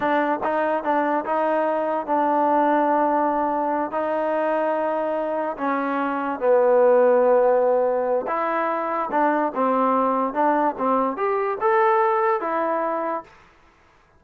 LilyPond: \new Staff \with { instrumentName = "trombone" } { \time 4/4 \tempo 4 = 145 d'4 dis'4 d'4 dis'4~ | dis'4 d'2.~ | d'4. dis'2~ dis'8~ | dis'4. cis'2 b8~ |
b1 | e'2 d'4 c'4~ | c'4 d'4 c'4 g'4 | a'2 e'2 | }